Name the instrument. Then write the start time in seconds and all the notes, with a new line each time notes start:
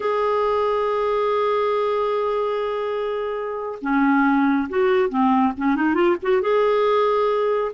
clarinet
0.00 G#4
3.81 C#4
4.69 F#4
5.09 C4
5.57 C#4
5.75 D#4
5.94 F4
6.22 F#4
6.41 G#4